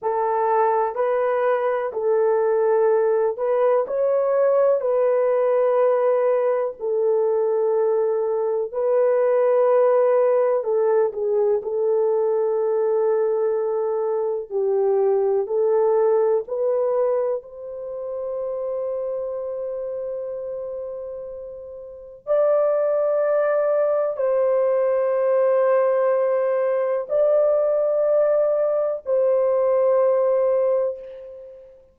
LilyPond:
\new Staff \with { instrumentName = "horn" } { \time 4/4 \tempo 4 = 62 a'4 b'4 a'4. b'8 | cis''4 b'2 a'4~ | a'4 b'2 a'8 gis'8 | a'2. g'4 |
a'4 b'4 c''2~ | c''2. d''4~ | d''4 c''2. | d''2 c''2 | }